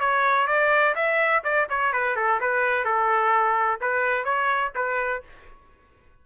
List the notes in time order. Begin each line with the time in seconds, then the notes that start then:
0.00 C#5
0.47 D5
0.95 E5
1.44 D5
1.69 C#5
1.92 B4
2.16 A4
2.40 B4
2.84 A4
3.81 B4
4.24 C#5
4.75 B4